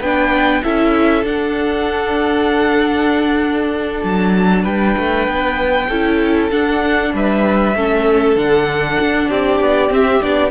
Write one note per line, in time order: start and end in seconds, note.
0.00 0.62 B3
0.00 0.63 D4
0.00 0.62 B4
0.00 0.63 G5
0.63 1.23 C#4
0.63 1.23 E4
0.63 4.62 A4
0.63 1.25 E5
1.23 4.01 D4
1.23 5.87 D4
1.23 4.03 F#5
4.03 4.64 F#3
4.03 4.64 A5
4.62 4.95 G3
4.62 5.86 B4
4.62 6.50 G5
4.97 5.28 A3
5.28 5.89 B3
5.88 6.51 C#4
5.88 6.51 E4
5.88 7.12 A4
6.51 7.75 D4
6.51 7.13 D4
6.51 7.13 F#5
7.13 7.75 G3
7.13 7.76 B4
7.13 8.37 E5
7.75 8.36 A3
7.75 8.36 C#4
7.75 9.28 A4
8.36 8.98 D3
8.36 9.89 D4
8.36 9.30 F#5
8.99 9.29 D4
9.28 9.60 C4
9.28 10.50 G4
9.28 9.92 D5
9.60 9.90 B3
9.89 10.20 C4
9.89 10.22 E5
10.22 10.50 B3
10.22 10.50 D4
10.22 10.50 D5